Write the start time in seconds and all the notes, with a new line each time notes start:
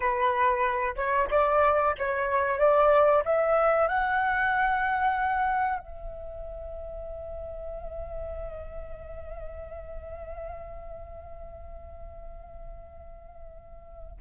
0.00 B4
0.95 C#5
1.30 D5
1.98 C#5
2.58 D5
3.24 E5
3.88 F#5
5.79 E5